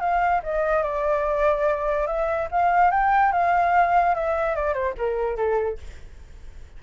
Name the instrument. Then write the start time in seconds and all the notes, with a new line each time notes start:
flute
0.00 F5
0.43 D#5
0.83 D5
2.07 E5
2.51 F5
2.90 G5
3.32 F5
4.15 E5
4.55 D5
4.73 C5
4.97 A#4
5.36 A4